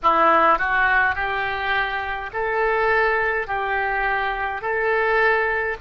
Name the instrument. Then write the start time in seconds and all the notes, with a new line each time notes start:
oboe
0.03 E4
0.58 F#4
1.15 G4
2.33 A4
3.47 G4
4.61 A4